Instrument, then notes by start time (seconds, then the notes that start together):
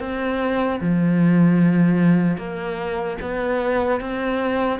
cello
0.00 C4
0.81 F3
2.38 A#3
3.22 B3
4.01 C4